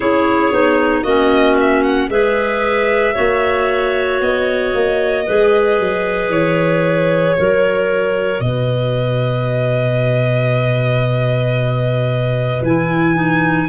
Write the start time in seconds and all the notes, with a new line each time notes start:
0.00 C#4 E4 G#4 C#5
0.52 B3 D#4
1.02 A#3 C#4 F#4 D#5
1.60 E5
1.83 F#5
2.08 G#3 G#4 B4 E5
3.14 A#3 F#4 C#5
4.20 B3 D#5
4.74 A#3
5.25 G#3 G#4 B4
5.79 F#3
6.29 E3 C#5
7.37 F#3 F#4 A#4
8.39 B2 B4 D#5
12.61 E3 E4 G#5
13.15 D#4